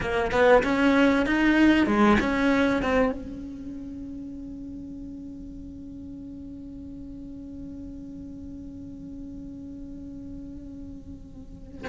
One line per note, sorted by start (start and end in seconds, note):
0.00 0.31 A#3
0.31 0.62 B3
0.63 1.26 C#4
1.26 1.86 D#4
1.86 2.17 G#3
2.20 2.82 C#4
2.82 3.12 C4
3.12 11.87 C#4